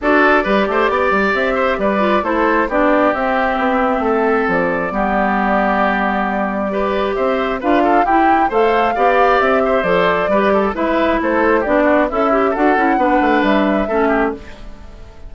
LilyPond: <<
  \new Staff \with { instrumentName = "flute" } { \time 4/4 \tempo 4 = 134 d''2. e''4 | d''4 c''4 d''4 e''4~ | e''2 d''2~ | d''1 |
e''4 f''4 g''4 f''4~ | f''4 e''4 d''2 | e''4 c''4 d''4 e''4 | fis''2 e''2 | }
  \new Staff \with { instrumentName = "oboe" } { \time 4/4 a'4 b'8 c''8 d''4. c''8 | b'4 a'4 g'2~ | g'4 a'2 g'4~ | g'2. b'4 |
c''4 b'8 a'8 g'4 c''4 | d''4. c''4. b'8 a'8 | b'4 a'4 g'8 fis'8 e'4 | a'4 b'2 a'8 g'8 | }
  \new Staff \with { instrumentName = "clarinet" } { \time 4/4 fis'4 g'2.~ | g'8 f'8 e'4 d'4 c'4~ | c'2. b4~ | b2. g'4~ |
g'4 f'4 e'4 a'4 | g'2 a'4 g'4 | e'2 d'4 a'8 g'8 | fis'8 e'8 d'2 cis'4 | }
  \new Staff \with { instrumentName = "bassoon" } { \time 4/4 d'4 g8 a8 b8 g8 c'4 | g4 a4 b4 c'4 | b4 a4 f4 g4~ | g1 |
c'4 d'4 e'4 a4 | b4 c'4 f4 g4 | gis4 a4 b4 cis'4 | d'8 cis'8 b8 a8 g4 a4 | }
>>